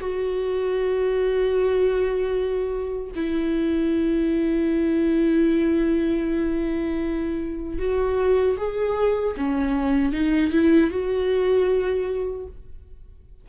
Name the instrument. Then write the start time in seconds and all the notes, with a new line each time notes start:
viola
0.00 F#4
3.15 E4
7.79 F#4
8.57 G#4
9.37 C#4
10.13 D#4
10.52 E4
10.91 F#4